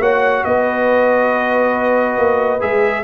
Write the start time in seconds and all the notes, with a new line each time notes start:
0.00 A#3 F#4 C#5 F#5
0.44 B3 B4 D#5
2.18 A#3
2.61 G#3 G#4 E5